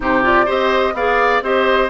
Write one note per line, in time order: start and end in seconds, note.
0.00 0.47 C3
0.00 0.22 D#4
0.00 0.45 G4
0.00 0.25 C5
0.22 0.46 F4
0.22 0.49 D5
0.45 0.93 C4
0.45 0.94 G4
0.45 0.93 C5
0.45 0.95 D#5
0.93 1.41 B3
0.93 1.42 G#4
0.93 1.43 D5
0.93 1.43 F5
1.42 1.89 C4
1.42 1.89 G4
1.42 1.89 C5
1.42 1.89 D#5